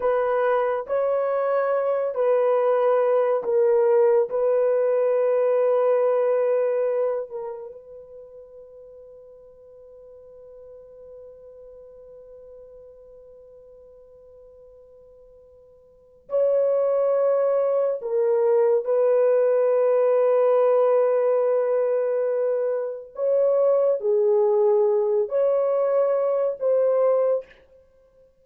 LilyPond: \new Staff \with { instrumentName = "horn" } { \time 4/4 \tempo 4 = 70 b'4 cis''4. b'4. | ais'4 b'2.~ | b'8 ais'8 b'2.~ | b'1~ |
b'2. cis''4~ | cis''4 ais'4 b'2~ | b'2. cis''4 | gis'4. cis''4. c''4 | }